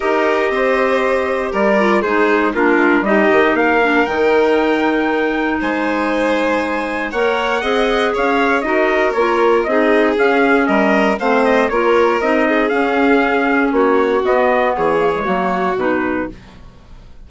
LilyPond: <<
  \new Staff \with { instrumentName = "trumpet" } { \time 4/4 \tempo 4 = 118 dis''2. d''4 | c''4 ais'4 dis''4 f''4 | g''2. gis''4~ | gis''2 fis''2 |
f''4 dis''4 cis''4 dis''4 | f''4 dis''4 f''8 dis''8 cis''4 | dis''4 f''2 cis''4 | dis''4 cis''2 b'4 | }
  \new Staff \with { instrumentName = "violin" } { \time 4/4 ais'4 c''2 ais'4 | gis'4 f'4 g'4 ais'4~ | ais'2. c''4~ | c''2 cis''4 dis''4 |
cis''4 ais'2 gis'4~ | gis'4 ais'4 c''4 ais'4~ | ais'8 gis'2~ gis'8 fis'4~ | fis'4 gis'4 fis'2 | }
  \new Staff \with { instrumentName = "clarinet" } { \time 4/4 g'2.~ g'8 f'8 | dis'4 d'4 dis'4. d'8 | dis'1~ | dis'2 ais'4 gis'4~ |
gis'4 fis'4 f'4 dis'4 | cis'2 c'4 f'4 | dis'4 cis'2. | b4. ais16 gis16 ais4 dis'4 | }
  \new Staff \with { instrumentName = "bassoon" } { \time 4/4 dis'4 c'2 g4 | gis4 ais8 gis8 g8 dis8 ais4 | dis2. gis4~ | gis2 ais4 c'4 |
cis'4 dis'4 ais4 c'4 | cis'4 g4 a4 ais4 | c'4 cis'2 ais4 | b4 e4 fis4 b,4 | }
>>